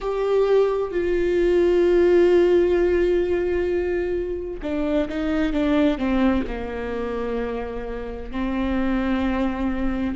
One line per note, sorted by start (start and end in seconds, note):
0.00 0.91 G4
0.91 4.60 F4
4.62 5.08 D4
5.09 5.53 D#4
5.53 5.97 D4
5.97 6.44 C4
6.47 8.31 A#3
8.31 10.15 C4